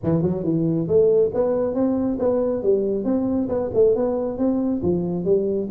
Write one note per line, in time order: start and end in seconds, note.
0.03 0.22 E3
0.22 0.43 F#3
0.43 0.87 E3
0.87 1.31 A3
1.34 1.74 B3
1.74 2.18 C4
2.19 2.62 B3
2.62 3.04 G3
3.04 3.48 C4
3.48 3.70 B3
3.73 3.95 A3
3.95 4.37 B3
4.37 4.81 C4
4.82 5.24 F3
5.24 5.68 G3